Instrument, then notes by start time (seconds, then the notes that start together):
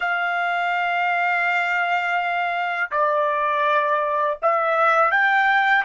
trumpet
0.00 F5
2.91 D5
4.42 E5
5.11 G5